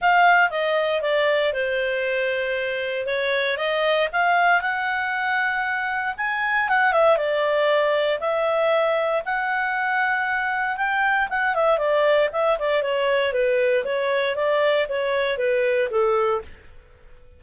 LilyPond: \new Staff \with { instrumentName = "clarinet" } { \time 4/4 \tempo 4 = 117 f''4 dis''4 d''4 c''4~ | c''2 cis''4 dis''4 | f''4 fis''2. | gis''4 fis''8 e''8 d''2 |
e''2 fis''2~ | fis''4 g''4 fis''8 e''8 d''4 | e''8 d''8 cis''4 b'4 cis''4 | d''4 cis''4 b'4 a'4 | }